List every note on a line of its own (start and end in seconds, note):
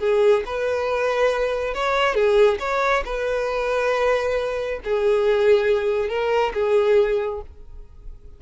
0.00 0.44 G#4
0.46 1.75 B4
1.75 2.15 C#5
2.15 2.59 G#4
2.60 3.04 C#5
3.05 4.81 B4
4.85 6.09 G#4
6.09 6.53 A#4
6.54 7.42 G#4